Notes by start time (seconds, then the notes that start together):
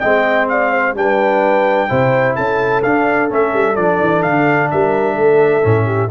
0.00 G#3 C4 D#5 G5
0.49 D5 F5
0.71 C5
0.95 G3 D4 B4 G5
1.89 C3 E4 C5
2.36 C#4 A4 A5
2.83 D4 F5
3.29 A3 C#4 E5
3.53 G3
3.76 F3 D4 D5
4.01 E3
4.23 D3 F5
4.71 G3 A#4 E5
5.14 A3 A4
5.62 A2 C#4
5.86 G4